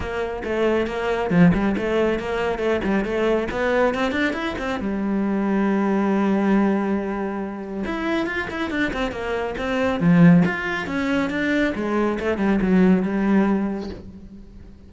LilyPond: \new Staff \with { instrumentName = "cello" } { \time 4/4 \tempo 4 = 138 ais4 a4 ais4 f8 g8 | a4 ais4 a8 g8 a4 | b4 c'8 d'8 e'8 c'8 g4~ | g1~ |
g2 e'4 f'8 e'8 | d'8 c'8 ais4 c'4 f4 | f'4 cis'4 d'4 gis4 | a8 g8 fis4 g2 | }